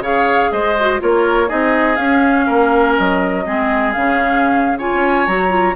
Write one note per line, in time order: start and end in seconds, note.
0.00 0.49 C#3
0.00 0.76 G#4
0.00 0.51 C#5
0.00 0.52 F5
0.52 1.01 G#3
0.52 1.01 C5
0.52 1.01 D#5
0.80 0.99 F#4
0.99 1.51 A#3
0.99 1.48 F4
0.99 1.48 A#4
0.99 1.49 C#5
1.48 1.98 C4
1.48 1.97 D#4
1.48 2.46 G#4
1.48 1.96 D#5
1.96 2.47 C#4
1.96 3.46 C#4
1.96 2.94 F5
2.47 2.98 A#3
2.47 3.44 A#4
2.98 3.47 F#3
2.98 3.93 D#5
3.46 3.95 G#3
3.46 3.95 C4
3.46 4.78 G#4
3.93 4.93 C#3
3.93 4.80 C#4
3.93 4.78 F5
4.78 5.28 F4
4.78 5.76 C#5
4.78 5.27 G#5
4.94 5.28 C#4
5.27 5.76 F#3
5.27 5.50 F#4
5.27 5.76 A#5
5.50 5.74 F4